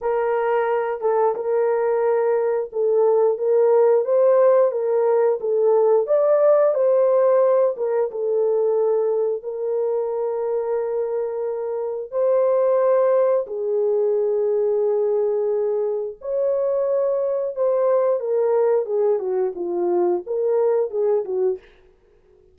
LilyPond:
\new Staff \with { instrumentName = "horn" } { \time 4/4 \tempo 4 = 89 ais'4. a'8 ais'2 | a'4 ais'4 c''4 ais'4 | a'4 d''4 c''4. ais'8 | a'2 ais'2~ |
ais'2 c''2 | gis'1 | cis''2 c''4 ais'4 | gis'8 fis'8 f'4 ais'4 gis'8 fis'8 | }